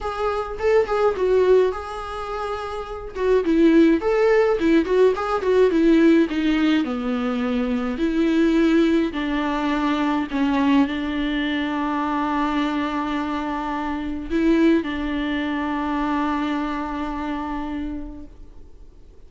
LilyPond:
\new Staff \with { instrumentName = "viola" } { \time 4/4 \tempo 4 = 105 gis'4 a'8 gis'8 fis'4 gis'4~ | gis'4. fis'8 e'4 a'4 | e'8 fis'8 gis'8 fis'8 e'4 dis'4 | b2 e'2 |
d'2 cis'4 d'4~ | d'1~ | d'4 e'4 d'2~ | d'1 | }